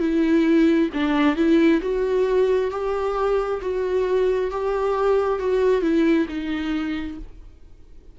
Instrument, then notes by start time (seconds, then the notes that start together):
viola
0.00 E4
0.94 D4
1.36 E4
1.82 F#4
2.71 G4
3.62 F#4
4.51 G4
5.40 F#4
5.82 E4
6.29 D#4